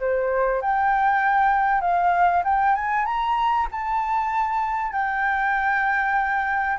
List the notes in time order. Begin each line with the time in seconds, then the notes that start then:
0.00 C5
0.62 G5
1.82 F5
2.45 G5
2.76 G#5
3.06 A#5
3.72 A5
4.93 G5